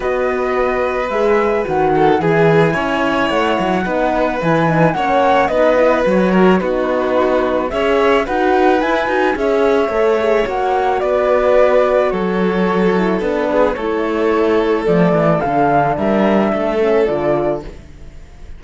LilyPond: <<
  \new Staff \with { instrumentName = "flute" } { \time 4/4 \tempo 4 = 109 dis''2 e''4 fis''4 | gis''2 fis''2 | gis''4 fis''4 dis''4 cis''4 | b'2 e''4 fis''4 |
gis''4 e''2 fis''4 | d''2 cis''2 | b'4 cis''2 d''4 | f''4 e''2 d''4 | }
  \new Staff \with { instrumentName = "violin" } { \time 4/4 b'2.~ b'8 a'8 | gis'4 cis''2 b'4~ | b'4 cis''4 b'4. ais'8 | fis'2 cis''4 b'4~ |
b'4 cis''2. | b'2 a'2~ | a'8 gis'8 a'2.~ | a'4 ais'4 a'2 | }
  \new Staff \with { instrumentName = "horn" } { \time 4/4 fis'2 gis'4 fis'4 | e'2. dis'4 | e'8 dis'8 cis'4 dis'8 e'8 fis'4 | dis'2 gis'4 fis'4 |
e'8 fis'8 gis'4 a'8 gis'8 fis'4~ | fis'2.~ fis'8 e'8 | d'4 e'2 a4 | d'2~ d'8 cis'8 f'4 | }
  \new Staff \with { instrumentName = "cello" } { \time 4/4 b2 gis4 dis4 | e4 cis'4 a8 fis8 b4 | e4 ais4 b4 fis4 | b2 cis'4 dis'4 |
e'8 dis'8 cis'4 a4 ais4 | b2 fis2 | b4 a2 f8 e8 | d4 g4 a4 d4 | }
>>